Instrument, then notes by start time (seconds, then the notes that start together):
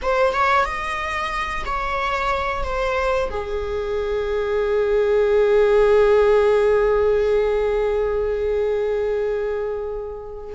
viola
0.02 C5
0.32 C#5
0.65 D#5
1.65 C#5
2.63 C5
3.30 G#4